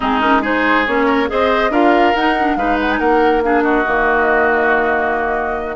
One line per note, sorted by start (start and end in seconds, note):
0.00 0.87 G#3
0.00 0.20 C4
0.00 0.42 D#4
0.00 0.20 G#4
0.20 0.42 C#4
0.20 0.42 A#4
0.42 0.85 D#4
0.42 1.05 G#4
0.42 0.87 C5
0.87 1.29 A#3
0.87 1.27 C#4
0.87 1.29 C#5
1.05 1.27 A#4
1.27 1.70 C4
1.27 1.70 G#4
1.27 1.71 C5
1.27 1.72 D#5
1.70 2.12 D4
1.70 2.14 F4
1.70 2.57 A#4
1.70 2.15 F5
2.15 2.56 D#4
2.15 2.39 D#4
2.15 2.56 F#5
2.39 2.57 D4
2.56 2.99 G#3
2.56 3.42 D#4
2.56 2.99 B4
2.56 2.77 F5
2.80 2.91 F#5
2.91 2.99 G#5
2.99 3.85 A#3
2.99 3.42 A#4
2.99 3.42 F#5
3.42 3.85 D4
3.42 3.63 G#4
3.42 3.62 F5
3.62 5.76 F#4
3.62 5.76 D#5
3.85 5.76 D#3
3.85 5.76 A#3